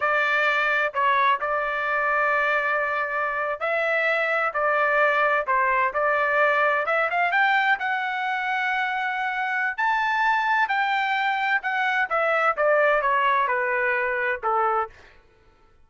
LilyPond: \new Staff \with { instrumentName = "trumpet" } { \time 4/4 \tempo 4 = 129 d''2 cis''4 d''4~ | d''2.~ d''8. e''16~ | e''4.~ e''16 d''2 c''16~ | c''8. d''2 e''8 f''8 g''16~ |
g''8. fis''2.~ fis''16~ | fis''4 a''2 g''4~ | g''4 fis''4 e''4 d''4 | cis''4 b'2 a'4 | }